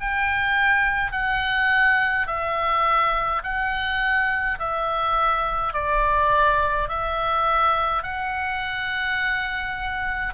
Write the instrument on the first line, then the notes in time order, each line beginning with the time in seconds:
oboe
0.00 G5
1.12 F#5
2.27 E5
3.44 F#5
4.59 E5
5.73 D5
6.89 E5
8.03 F#5